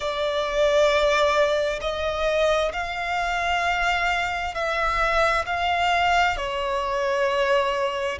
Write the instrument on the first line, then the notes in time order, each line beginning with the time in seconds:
violin
0.00 D5
1.81 D#5
2.72 F5
4.54 E5
5.45 F5
6.36 C#5